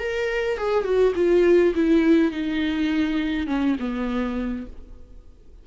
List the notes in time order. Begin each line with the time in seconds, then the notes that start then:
0.00 A#4
0.58 G#4
0.84 F#4
1.16 F4
1.76 E4
2.32 D#4
3.48 C#4
3.80 B3